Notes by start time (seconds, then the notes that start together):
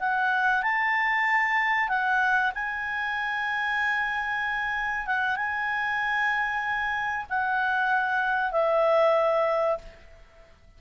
0.00 F#5
0.63 A5
1.89 F#5
2.55 G#5
5.07 F#5
5.37 G#5
7.30 F#5
8.52 E5